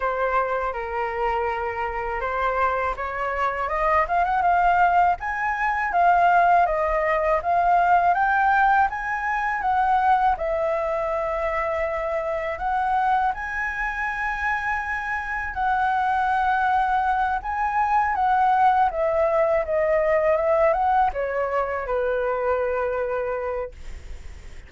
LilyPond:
\new Staff \with { instrumentName = "flute" } { \time 4/4 \tempo 4 = 81 c''4 ais'2 c''4 | cis''4 dis''8 f''16 fis''16 f''4 gis''4 | f''4 dis''4 f''4 g''4 | gis''4 fis''4 e''2~ |
e''4 fis''4 gis''2~ | gis''4 fis''2~ fis''8 gis''8~ | gis''8 fis''4 e''4 dis''4 e''8 | fis''8 cis''4 b'2~ b'8 | }